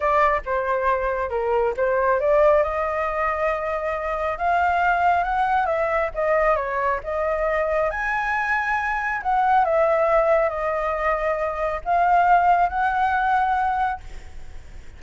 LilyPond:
\new Staff \with { instrumentName = "flute" } { \time 4/4 \tempo 4 = 137 d''4 c''2 ais'4 | c''4 d''4 dis''2~ | dis''2 f''2 | fis''4 e''4 dis''4 cis''4 |
dis''2 gis''2~ | gis''4 fis''4 e''2 | dis''2. f''4~ | f''4 fis''2. | }